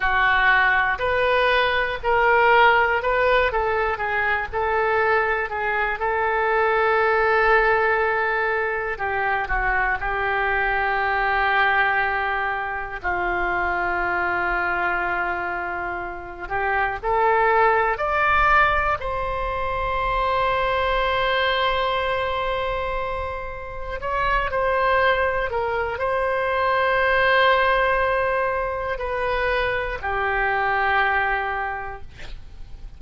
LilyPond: \new Staff \with { instrumentName = "oboe" } { \time 4/4 \tempo 4 = 60 fis'4 b'4 ais'4 b'8 a'8 | gis'8 a'4 gis'8 a'2~ | a'4 g'8 fis'8 g'2~ | g'4 f'2.~ |
f'8 g'8 a'4 d''4 c''4~ | c''1 | cis''8 c''4 ais'8 c''2~ | c''4 b'4 g'2 | }